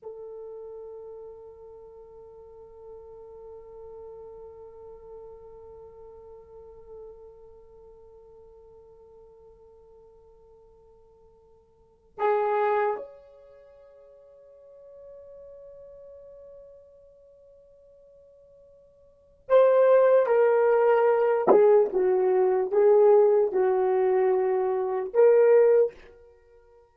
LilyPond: \new Staff \with { instrumentName = "horn" } { \time 4/4 \tempo 4 = 74 a'1~ | a'1~ | a'1~ | a'2. gis'4 |
cis''1~ | cis''1 | c''4 ais'4. gis'8 fis'4 | gis'4 fis'2 ais'4 | }